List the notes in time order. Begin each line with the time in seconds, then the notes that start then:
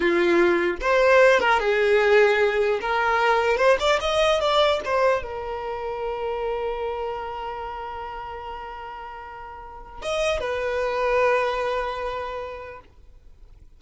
0.00 F4
0.81 C5
1.40 A#4
1.59 G#4
2.80 A#4
3.57 C5
3.79 D5
4.00 D#5
4.40 D5
4.85 C5
5.23 A#4
10.01 D#5
10.39 B4